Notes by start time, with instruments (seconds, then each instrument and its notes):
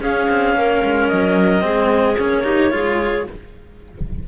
0.00 cello C#4, clarinet G#4 F5
0.29 cello C4
0.54 cello A#3, clarinet A#4
0.83 cello G#3
1.08 cello F#3, clarinet D#5
1.61 cello G#3 C4, clarinet G#4
2.18 cello A#3 C#4, clarinet C#5
2.43 cello D#4, clarinet G4
2.70 cello G#3 F4, clarinet G#4